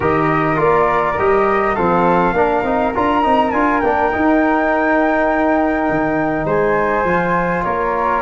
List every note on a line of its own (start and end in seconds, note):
0.00 0.57 D#3
0.00 0.55 G4
0.00 1.74 A#4
0.00 0.60 D#5
0.55 1.16 A#3
0.55 1.14 F4
0.55 1.18 D5
1.18 1.77 G3
1.18 1.77 G4
1.18 1.75 D#5
1.74 2.33 F3
1.74 2.34 C4
1.74 2.33 A4
1.74 2.93 F5
2.33 2.62 A#3
2.33 2.64 D4
2.33 6.45 A#4
2.63 2.92 C4
2.63 2.93 D#4
2.94 3.25 D4
2.94 3.23 F4
2.94 3.51 A#5
3.23 3.52 C4
3.23 3.52 D#4
3.51 3.82 D4
3.51 3.82 F4
3.51 3.80 G#5
3.80 4.12 A#3
3.80 4.12 D4
3.80 6.45 G5
4.12 7.06 D#4
4.12 5.89 D#4
5.89 6.45 D#3
6.45 7.03 G#3
6.45 7.63 C5
6.45 7.63 G#5
7.04 7.62 F3
7.04 8.22 F4
7.63 8.22 A#3
7.63 8.22 A#4
7.63 8.22 C#5